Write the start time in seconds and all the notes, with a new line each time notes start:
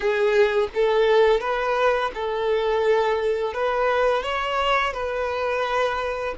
0.00 G#4
0.74 A4
1.40 B4
2.14 A4
3.53 B4
4.22 C#5
4.93 B4